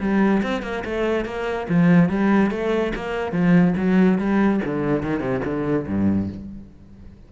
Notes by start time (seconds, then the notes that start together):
0.00 G3
0.43 C4
0.62 A#3
0.85 A3
1.25 A#3
1.69 F3
2.09 G3
2.51 A3
2.95 A#3
3.32 F3
3.77 F#3
4.18 G3
4.65 D3
5.03 D#3
5.20 C3
5.45 D3
5.87 G2